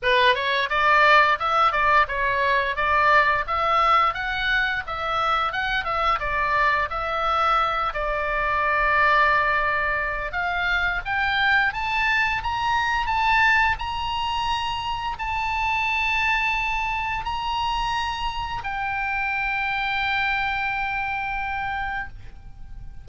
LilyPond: \new Staff \with { instrumentName = "oboe" } { \time 4/4 \tempo 4 = 87 b'8 cis''8 d''4 e''8 d''8 cis''4 | d''4 e''4 fis''4 e''4 | fis''8 e''8 d''4 e''4. d''8~ | d''2. f''4 |
g''4 a''4 ais''4 a''4 | ais''2 a''2~ | a''4 ais''2 g''4~ | g''1 | }